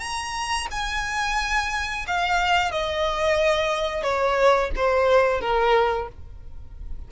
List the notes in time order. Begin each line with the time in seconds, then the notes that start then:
0.00 A#5
0.71 G#5
2.07 F5
2.72 D#5
4.03 C#5
4.76 C5
5.41 A#4